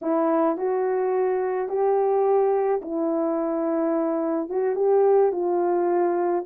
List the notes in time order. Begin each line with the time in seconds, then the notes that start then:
0.01 E4
0.57 F#4
1.68 G4
2.81 E4
4.49 F#4
4.75 G4
5.32 F4